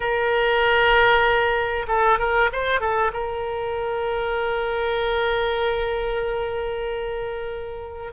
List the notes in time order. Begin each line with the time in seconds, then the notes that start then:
0.00 A#4
1.87 A4
2.18 A#4
2.52 C5
2.80 A4
3.12 A#4